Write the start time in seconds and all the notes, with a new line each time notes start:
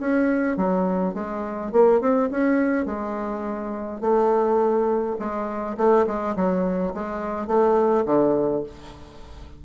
0.00 C#4
0.57 F#3
1.14 G#3
1.72 A#3
2.01 C4
2.31 C#4
2.86 G#3
4.01 A3
5.19 G#3
5.77 A3
6.07 G#3
6.36 F#3
6.94 G#3
7.47 A3
8.06 D3